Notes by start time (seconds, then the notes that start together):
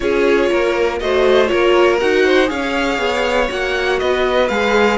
0.00 C#4 F4 G#4 C#5
0.50 A#3 A#4
0.99 A3 F#4 C5 D#5
1.46 A#3 F4 A#4 C#5
1.99 D#4 F#4 F#5
2.25 C5
2.46 C#4 G#4 C#5 F5
2.98 B3
3.48 A#3 F#4 F#5
3.99 B3 B4 D#5
4.48 G#3 G#4 F5